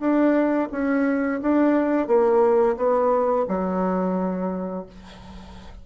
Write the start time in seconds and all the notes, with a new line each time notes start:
0.00 D4
0.72 C#4
1.42 D4
2.08 A#3
2.77 B3
3.49 F#3